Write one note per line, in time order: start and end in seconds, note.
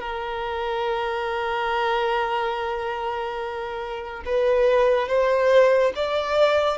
0.00 4.23 A#4
4.25 5.08 B4
5.08 5.92 C5
5.95 6.78 D5